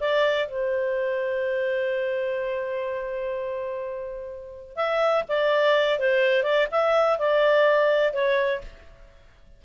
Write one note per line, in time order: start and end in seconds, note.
0.00 0.48 D5
0.48 4.76 C5
4.76 5.24 E5
5.28 5.99 D5
5.99 6.43 C5
6.43 6.67 D5
6.71 7.19 E5
7.19 8.13 D5
8.13 8.61 C#5